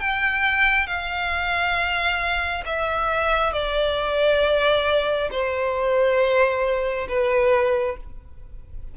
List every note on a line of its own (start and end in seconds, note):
0.00 0.87 G5
0.87 2.64 F5
2.66 3.53 E5
3.53 5.29 D5
5.31 7.08 C5
7.09 7.97 B4